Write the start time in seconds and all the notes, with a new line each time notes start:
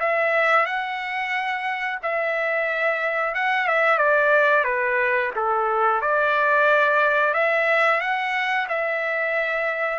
0.00 E5
0.65 F#5
2.03 E5
3.35 F#5
3.68 E5
3.98 D5
4.64 B4
5.35 A4
6.02 D5
7.34 E5
8.00 F#5
8.68 E5